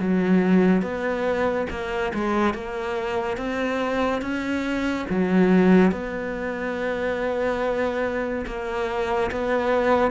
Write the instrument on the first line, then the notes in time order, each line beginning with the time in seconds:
cello
0.00 F#3
0.82 B3
1.70 A#3
2.14 G#3
2.54 A#3
3.37 C4
4.22 C#4
5.10 F#3
5.92 B3
8.47 A#3
9.31 B3